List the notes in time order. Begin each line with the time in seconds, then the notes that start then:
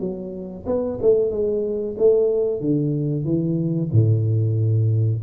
0.00 F#3
0.67 B3
1.02 A3
1.31 G#3
1.99 A3
2.61 D3
3.25 E3
3.92 A2